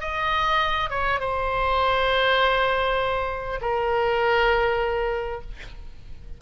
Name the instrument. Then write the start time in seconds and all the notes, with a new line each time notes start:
oboe
0.00 D#5
0.90 C#5
1.20 C5
3.61 A#4